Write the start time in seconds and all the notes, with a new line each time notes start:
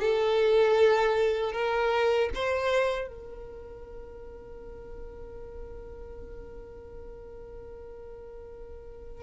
0.00 A4
1.52 A#4
2.34 C5
3.08 A#4